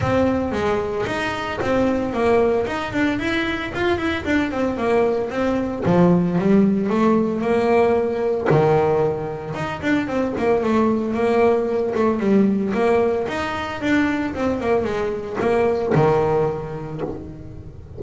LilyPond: \new Staff \with { instrumentName = "double bass" } { \time 4/4 \tempo 4 = 113 c'4 gis4 dis'4 c'4 | ais4 dis'8 d'8 e'4 f'8 e'8 | d'8 c'8 ais4 c'4 f4 | g4 a4 ais2 |
dis2 dis'8 d'8 c'8 ais8 | a4 ais4. a8 g4 | ais4 dis'4 d'4 c'8 ais8 | gis4 ais4 dis2 | }